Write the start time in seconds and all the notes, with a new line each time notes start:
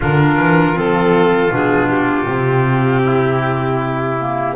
0.00 D3 D4 F4 A#4
0.38 E3
0.74 F3 C4 A4
1.50 B2 D4 G#4
1.89 G4
2.26 C3 C4
3.05 E4
4.19 A#3